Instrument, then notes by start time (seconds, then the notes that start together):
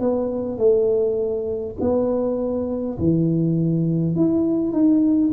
tuba
0.00 B3
0.58 A3
1.80 B3
2.98 E3
4.16 E4
4.72 D#4